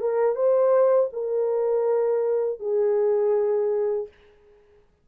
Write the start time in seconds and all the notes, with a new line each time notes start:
0.00 A#4
0.35 C5
1.12 A#4
2.59 G#4